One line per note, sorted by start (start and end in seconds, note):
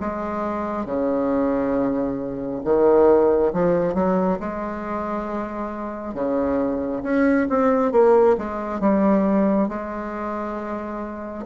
0.00 0.85 G#3
0.85 2.62 C#3
2.64 3.52 D#3
3.53 3.94 F3
3.94 4.38 F#3
4.40 6.14 G#3
6.14 7.02 C#3
7.03 7.47 C#4
7.49 7.92 C4
7.92 8.36 A#3
8.37 8.80 G#3
8.80 9.68 G3
9.68 11.45 G#3